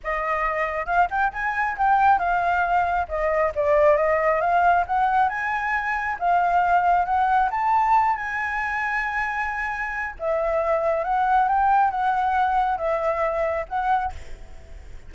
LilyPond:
\new Staff \with { instrumentName = "flute" } { \time 4/4 \tempo 4 = 136 dis''2 f''8 g''8 gis''4 | g''4 f''2 dis''4 | d''4 dis''4 f''4 fis''4 | gis''2 f''2 |
fis''4 a''4. gis''4.~ | gis''2. e''4~ | e''4 fis''4 g''4 fis''4~ | fis''4 e''2 fis''4 | }